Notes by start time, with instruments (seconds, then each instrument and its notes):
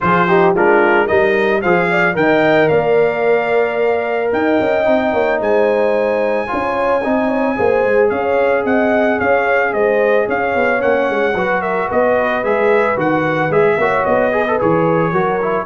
0.00 tuba F3, trombone F4, horn G#4, trumpet C5
0.27 trombone D#4, horn G4
0.54 tuba G#3, trombone D4, horn F4, trumpet A#4
1.05 tuba G3, trombone D#4, horn A#4, trumpet D#5
1.61 tuba F3, trombone G#4, horn C5, trumpet F5
1.90 horn D5
2.14 tuba D#3, trombone A#4, horn D#5, trumpet G5
2.68 tuba A#3, horn D5, trumpet F5
4.32 tuba D#4, horn D#5, trumpet G5
4.60 tuba C#4
4.85 tuba C4, trombone D#4
5.12 tuba A#3, horn C#5
5.40 tuba G#3, horn C5, trumpet G#5
6.47 tuba C#4, trombone F4, horn C#5
7.03 tuba C4, trombone D#4, horn D#5
7.28 horn C#5
7.56 tuba A#3, trombone G#4, horn C5
7.84 tuba G#3
8.09 tuba C#4, horn C#5, trumpet F5
8.64 tuba C4, horn D#5, trumpet F#5
9.17 tuba C#4, horn C#5, trumpet F5
9.73 tuba G#3, horn C5, trumpet D#5
10.26 tuba C#4, horn C#5, trumpet F5
10.55 tuba B3
10.78 tuba A#3, trombone C#4, trumpet F#5
11.09 tuba G#3
11.34 tuba F#3, trombone F#4, horn B4
11.61 horn A#4, trumpet E5
11.86 tuba B3, horn B4, trumpet D#5
12.43 tuba G#3, trombone G#4, trumpet E5
12.96 tuba D#3, trombone F#4, trumpet F#5
13.50 tuba G#3, trombone G#4, trumpet E5
13.77 tuba A#3, trombone F#4, horn C#5
14.05 tuba B3, trumpet D#5
14.31 trombone G#4, horn B4
14.47 trombone A4
14.59 tuba E3, trombone G#4, trumpet C#5
15.11 tuba F#3, trombone F#4, horn A#4
15.42 trombone E4